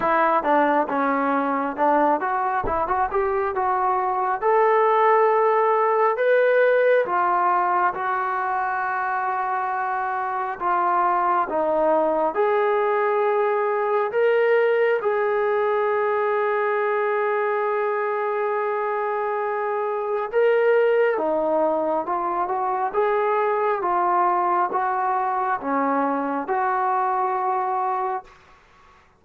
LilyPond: \new Staff \with { instrumentName = "trombone" } { \time 4/4 \tempo 4 = 68 e'8 d'8 cis'4 d'8 fis'8 e'16 fis'16 g'8 | fis'4 a'2 b'4 | f'4 fis'2. | f'4 dis'4 gis'2 |
ais'4 gis'2.~ | gis'2. ais'4 | dis'4 f'8 fis'8 gis'4 f'4 | fis'4 cis'4 fis'2 | }